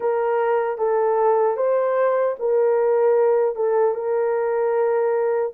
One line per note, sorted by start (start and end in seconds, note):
0.00 0.78 A#4
0.78 1.56 A4
1.56 2.35 C5
2.39 3.55 A#4
3.55 3.94 A4
3.94 5.52 A#4